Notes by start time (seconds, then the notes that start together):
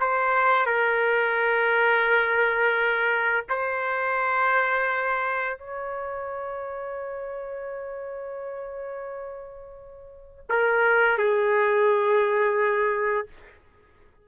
0.00 C5
0.66 A#4
3.49 C5
5.58 C#5
10.49 A#4
11.18 G#4